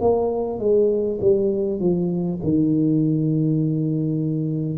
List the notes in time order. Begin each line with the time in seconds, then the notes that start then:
0.00 A#3
0.59 G#3
1.21 G3
1.80 F3
2.43 D#3